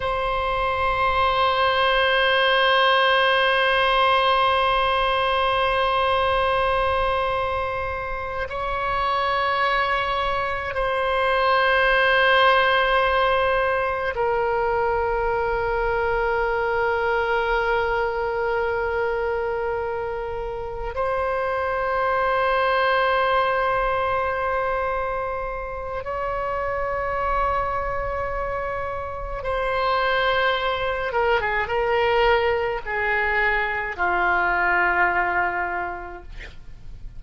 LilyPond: \new Staff \with { instrumentName = "oboe" } { \time 4/4 \tempo 4 = 53 c''1~ | c''2.~ c''8 cis''8~ | cis''4. c''2~ c''8~ | c''8 ais'2.~ ais'8~ |
ais'2~ ais'8 c''4.~ | c''2. cis''4~ | cis''2 c''4. ais'16 gis'16 | ais'4 gis'4 f'2 | }